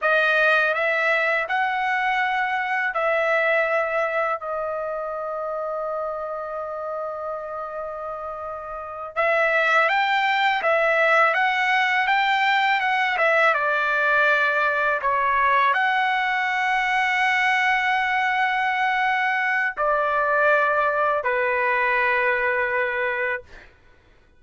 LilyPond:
\new Staff \with { instrumentName = "trumpet" } { \time 4/4 \tempo 4 = 82 dis''4 e''4 fis''2 | e''2 dis''2~ | dis''1~ | dis''8 e''4 g''4 e''4 fis''8~ |
fis''8 g''4 fis''8 e''8 d''4.~ | d''8 cis''4 fis''2~ fis''8~ | fis''2. d''4~ | d''4 b'2. | }